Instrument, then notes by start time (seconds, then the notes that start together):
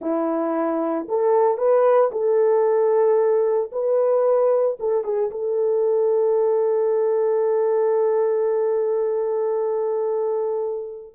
horn
0.01 E4
1.08 A4
1.57 B4
2.11 A4
3.71 B4
4.79 A4
5.03 G#4
5.30 A4